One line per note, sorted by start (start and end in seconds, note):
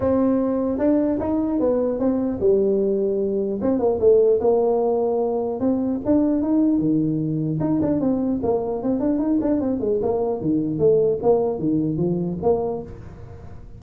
0.00 0.78 C4
0.78 1.18 D4
1.19 1.59 D#4
1.59 1.99 B3
1.99 2.39 C4
2.39 3.59 G3
3.61 3.79 C4
3.79 3.99 A#3
4.00 4.40 A3
4.40 5.60 A#3
5.60 6.00 C4
6.05 6.41 D4
6.41 6.78 D#4
6.78 7.58 D#3
7.59 7.79 D#4
7.81 8.00 D4
8.00 8.40 C4
8.43 8.82 A#3
8.82 9.00 C4
9.00 9.18 D4
9.18 9.38 D#4
9.41 9.60 D4
9.60 9.80 C4
9.80 10.00 G#3
10.01 10.40 A#3
10.40 10.79 D#3
10.79 11.19 A3
11.22 11.58 A#3
11.58 11.97 D#3
11.97 12.37 F3
12.42 12.82 A#3